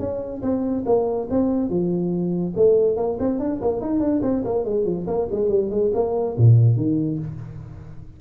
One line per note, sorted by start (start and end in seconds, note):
0.00 0.42 C#4
0.43 0.85 C4
0.86 1.28 A#3
1.31 1.70 C4
1.70 2.54 F3
2.57 2.97 A3
2.97 3.18 A#3
3.20 3.40 C4
3.40 3.61 D4
3.62 3.81 A#3
3.81 4.00 D#4
4.00 4.22 D4
4.23 4.44 C4
4.45 4.65 A#3
4.65 4.86 G#3
4.86 5.07 F3
5.08 5.29 A#3
5.32 5.49 G#3
5.49 5.71 G3
5.71 5.92 G#3
5.95 6.37 A#3
6.38 6.77 A#2
6.77 7.19 D#3